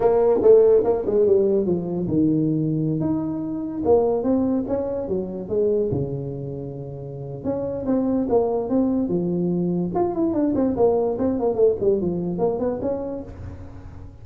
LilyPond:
\new Staff \with { instrumentName = "tuba" } { \time 4/4 \tempo 4 = 145 ais4 a4 ais8 gis8 g4 | f4 dis2~ dis16 dis'8.~ | dis'4~ dis'16 ais4 c'4 cis'8.~ | cis'16 fis4 gis4 cis4.~ cis16~ |
cis2 cis'4 c'4 | ais4 c'4 f2 | f'8 e'8 d'8 c'8 ais4 c'8 ais8 | a8 g8 f4 ais8 b8 cis'4 | }